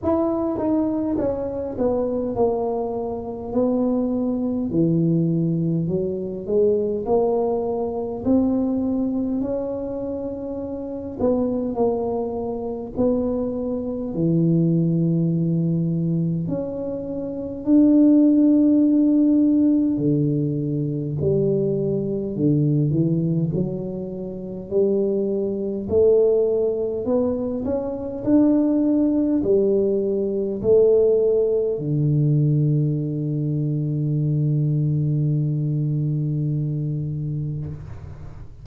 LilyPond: \new Staff \with { instrumentName = "tuba" } { \time 4/4 \tempo 4 = 51 e'8 dis'8 cis'8 b8 ais4 b4 | e4 fis8 gis8 ais4 c'4 | cis'4. b8 ais4 b4 | e2 cis'4 d'4~ |
d'4 d4 g4 d8 e8 | fis4 g4 a4 b8 cis'8 | d'4 g4 a4 d4~ | d1 | }